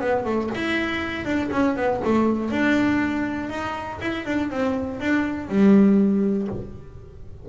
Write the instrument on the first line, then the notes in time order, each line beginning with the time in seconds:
double bass
0.00 B3
0.25 A3
0.55 E4
1.25 D4
1.51 C#4
1.76 B3
2.04 A3
2.50 D4
3.49 D#4
4.01 E4
4.26 D4
4.50 C4
5.00 D4
5.48 G3